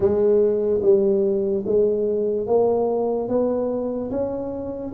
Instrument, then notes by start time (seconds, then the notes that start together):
tuba
0.00 G#3
0.82 G3
1.66 G#3
2.47 A#3
3.28 B3
4.10 C#4